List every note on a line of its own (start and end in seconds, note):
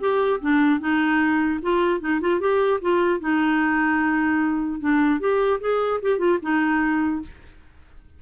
0.00 0.40 G4
0.41 0.80 D4
0.80 1.60 D#4
1.62 2.01 F4
2.01 2.21 D#4
2.21 2.40 F4
2.40 2.80 G4
2.81 3.20 F4
3.20 4.80 D#4
4.80 5.20 D4
5.20 5.60 G4
5.61 6.01 G#4
6.02 6.19 G4
6.19 6.39 F4
6.42 7.22 D#4